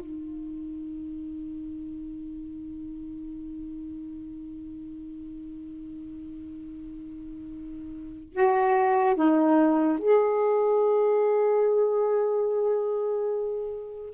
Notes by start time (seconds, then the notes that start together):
0.00 D#4
8.34 F#4
9.16 D#4
9.99 G#4